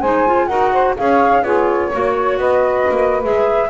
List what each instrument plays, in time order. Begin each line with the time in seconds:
0.00 double bass G#3, clarinet D#4, saxophone C5, flute G#5
0.26 clarinet F4
0.47 double bass D#4, clarinet F#4, saxophone A#4, flute F#5
0.72 saxophone C5
0.97 double bass C#4, clarinet G#4, saxophone C#5, flute F5
1.42 double bass B3, clarinet F4, saxophone G#4, flute C#5
1.92 double bass A#3, clarinet F#4, saxophone C#5
2.37 double bass B3, saxophone B4, flute D#5
2.90 double bass A#3
3.22 double bass G#3, clarinet G#4, flute E5